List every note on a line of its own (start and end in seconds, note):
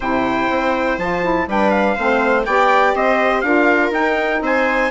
0.00 0.49 C3
0.00 1.00 E4
0.00 1.47 C5
0.00 0.99 G5
0.50 0.97 C4
0.97 1.46 F3
0.97 1.22 F4
0.97 1.48 A5
1.22 1.47 E4
1.47 1.96 G3
1.47 1.97 D4
1.47 1.95 B4
1.47 1.70 G5
1.70 2.44 F5
1.95 2.46 A3
1.95 2.46 C4
1.95 2.44 C5
2.44 2.94 B3
2.44 3.44 G4
2.44 2.95 D5
2.44 2.94 G5
2.94 3.42 C4
2.94 3.44 C5
2.94 3.41 D#5
3.41 3.91 D4
3.41 3.93 F4
3.41 4.43 A#4
3.41 3.90 F5
3.91 4.40 D#4
3.91 4.91 D#4
3.91 4.42 G5
4.41 4.90 C4
4.41 4.91 C5
4.41 4.91 G#5